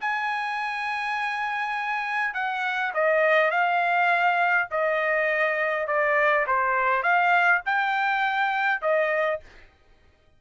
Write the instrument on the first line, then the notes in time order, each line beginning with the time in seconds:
trumpet
0.00 G#5
2.34 F#5
2.94 D#5
3.51 F5
4.70 D#5
5.87 D5
6.46 C5
7.02 F5
7.65 G5
8.81 D#5